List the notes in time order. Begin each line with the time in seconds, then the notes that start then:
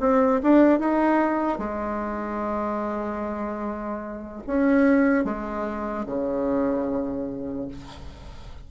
0.00 C4
0.42 D4
0.79 D#4
1.58 G#3
4.47 C#4
5.24 G#3
6.06 C#3